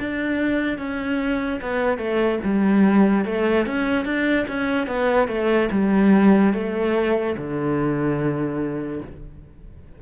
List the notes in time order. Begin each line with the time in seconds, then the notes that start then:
0.00 D4
0.78 C#4
1.62 B3
1.98 A3
2.44 G3
3.25 A3
3.67 C#4
4.05 D4
4.48 C#4
4.88 B3
5.28 A3
5.72 G3
6.54 A3
7.38 D3